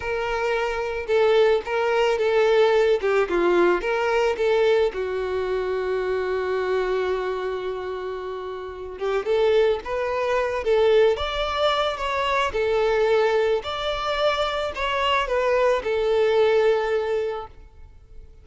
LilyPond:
\new Staff \with { instrumentName = "violin" } { \time 4/4 \tempo 4 = 110 ais'2 a'4 ais'4 | a'4. g'8 f'4 ais'4 | a'4 fis'2.~ | fis'1~ |
fis'8 g'8 a'4 b'4. a'8~ | a'8 d''4. cis''4 a'4~ | a'4 d''2 cis''4 | b'4 a'2. | }